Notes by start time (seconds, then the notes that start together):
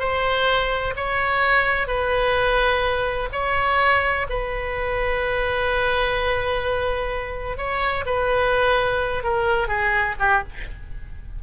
0.00 C5
0.97 C#5
1.88 B4
3.33 C#5
4.30 B4
7.58 C#5
8.06 B4
9.24 A#4
9.68 G#4
10.20 G4